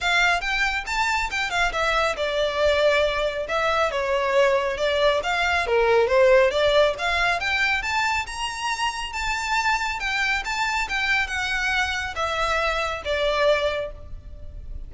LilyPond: \new Staff \with { instrumentName = "violin" } { \time 4/4 \tempo 4 = 138 f''4 g''4 a''4 g''8 f''8 | e''4 d''2. | e''4 cis''2 d''4 | f''4 ais'4 c''4 d''4 |
f''4 g''4 a''4 ais''4~ | ais''4 a''2 g''4 | a''4 g''4 fis''2 | e''2 d''2 | }